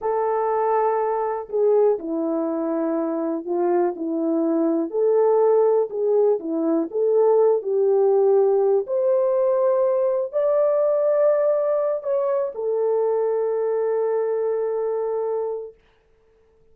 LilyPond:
\new Staff \with { instrumentName = "horn" } { \time 4/4 \tempo 4 = 122 a'2. gis'4 | e'2. f'4 | e'2 a'2 | gis'4 e'4 a'4. g'8~ |
g'2 c''2~ | c''4 d''2.~ | d''8 cis''4 a'2~ a'8~ | a'1 | }